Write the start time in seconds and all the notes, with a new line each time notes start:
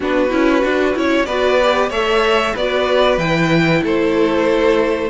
0.00 B3 D4 F#4 B4
0.29 C#4 E4
0.61 D4 F#4
0.95 C#4 E4 C#5
1.25 B3 F#4 B4 D5
1.62 G4
1.89 A3 A4 C#5 E5
2.53 B3 F#4 B4 D5
3.17 E3 E4 G5
3.83 A3 A4 C5